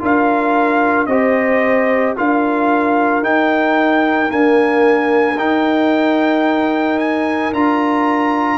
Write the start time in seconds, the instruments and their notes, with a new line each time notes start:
0.00 tuba D4, trombone F4, horn A#4, trumpet F5
1.06 tuba C4, trombone G4, horn C5, trumpet D#5
2.16 tuba D4, trombone F4, horn A#4, trumpet F5
3.23 tuba D#4, trombone D#4, trumpet G5
4.28 trombone A#3, tuba D4, trumpet G#5
5.37 tuba D#4, trombone D#4, trumpet G5
6.99 trumpet G#5
7.52 tuba D4, trombone F4, trumpet A#5